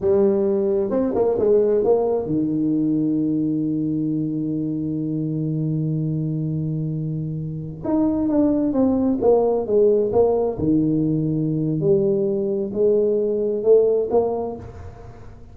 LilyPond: \new Staff \with { instrumentName = "tuba" } { \time 4/4 \tempo 4 = 132 g2 c'8 ais8 gis4 | ais4 dis2.~ | dis1~ | dis1~ |
dis4~ dis16 dis'4 d'4 c'8.~ | c'16 ais4 gis4 ais4 dis8.~ | dis2 g2 | gis2 a4 ais4 | }